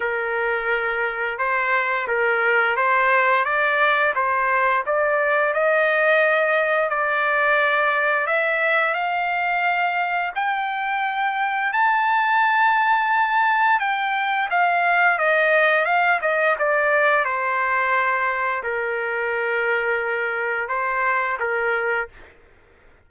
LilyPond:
\new Staff \with { instrumentName = "trumpet" } { \time 4/4 \tempo 4 = 87 ais'2 c''4 ais'4 | c''4 d''4 c''4 d''4 | dis''2 d''2 | e''4 f''2 g''4~ |
g''4 a''2. | g''4 f''4 dis''4 f''8 dis''8 | d''4 c''2 ais'4~ | ais'2 c''4 ais'4 | }